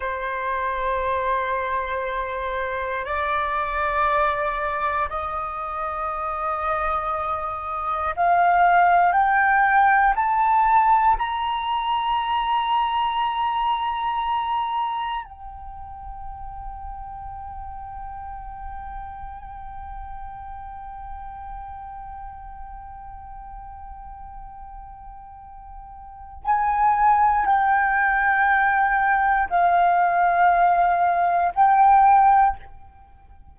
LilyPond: \new Staff \with { instrumentName = "flute" } { \time 4/4 \tempo 4 = 59 c''2. d''4~ | d''4 dis''2. | f''4 g''4 a''4 ais''4~ | ais''2. g''4~ |
g''1~ | g''1~ | g''2 gis''4 g''4~ | g''4 f''2 g''4 | }